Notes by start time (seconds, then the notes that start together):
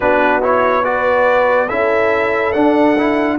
0.00 B3 D4 F#4 B4
0.42 E4 C#5
0.83 F#4 B4 D5
1.68 C#4 E4 A4 E5
2.52 D4 F#5
2.97 E4